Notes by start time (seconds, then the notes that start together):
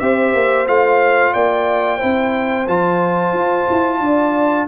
0.00 C4 G4 C5 E5
0.34 A#3
0.67 A3 F4 F5
1.33 A#3 D5 G5
1.97 C4 E4 C5
2.68 F3 F4 A5
3.33 F4
3.70 E4
4.00 D4 D5